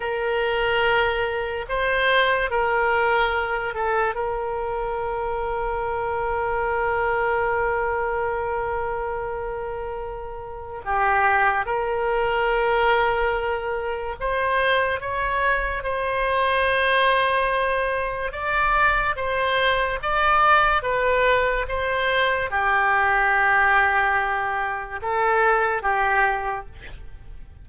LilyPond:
\new Staff \with { instrumentName = "oboe" } { \time 4/4 \tempo 4 = 72 ais'2 c''4 ais'4~ | ais'8 a'8 ais'2.~ | ais'1~ | ais'4 g'4 ais'2~ |
ais'4 c''4 cis''4 c''4~ | c''2 d''4 c''4 | d''4 b'4 c''4 g'4~ | g'2 a'4 g'4 | }